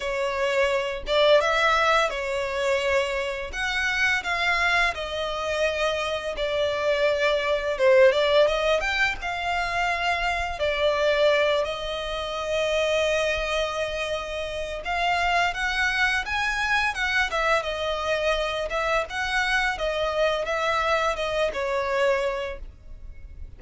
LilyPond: \new Staff \with { instrumentName = "violin" } { \time 4/4 \tempo 4 = 85 cis''4. d''8 e''4 cis''4~ | cis''4 fis''4 f''4 dis''4~ | dis''4 d''2 c''8 d''8 | dis''8 g''8 f''2 d''4~ |
d''8 dis''2.~ dis''8~ | dis''4 f''4 fis''4 gis''4 | fis''8 e''8 dis''4. e''8 fis''4 | dis''4 e''4 dis''8 cis''4. | }